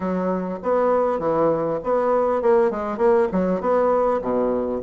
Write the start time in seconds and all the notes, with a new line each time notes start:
0.00 F#3
0.62 B3
1.19 E3
1.83 B3
2.42 A#3
2.71 G#3
2.97 A#3
3.32 F#3
3.61 B3
4.21 B2